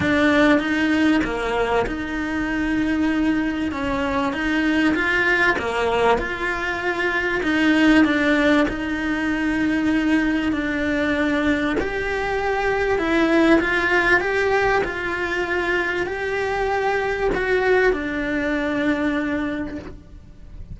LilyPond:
\new Staff \with { instrumentName = "cello" } { \time 4/4 \tempo 4 = 97 d'4 dis'4 ais4 dis'4~ | dis'2 cis'4 dis'4 | f'4 ais4 f'2 | dis'4 d'4 dis'2~ |
dis'4 d'2 g'4~ | g'4 e'4 f'4 g'4 | f'2 g'2 | fis'4 d'2. | }